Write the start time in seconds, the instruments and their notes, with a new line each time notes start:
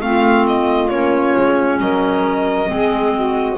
0.00 double bass A3, clarinet C4, saxophone F4, violin F5
0.47 violin D#5
0.89 double bass A#3, clarinet C#4, violin C#5
1.36 double bass G#3
1.80 double bass F#3, saxophone A#4, violin D#5
2.66 double bass G#3, clarinet C4, saxophone G#4
3.14 saxophone F#4